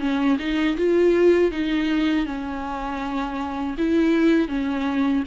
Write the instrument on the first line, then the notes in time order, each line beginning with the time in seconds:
viola
0.00 C#4
0.39 D#4
0.77 F4
1.52 D#4
2.26 C#4
3.78 E4
4.49 C#4